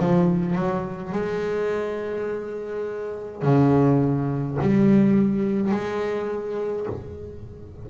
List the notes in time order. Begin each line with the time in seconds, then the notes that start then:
0.00 F3
0.56 F#3
1.13 G#3
3.43 C#3
4.62 G3
5.72 G#3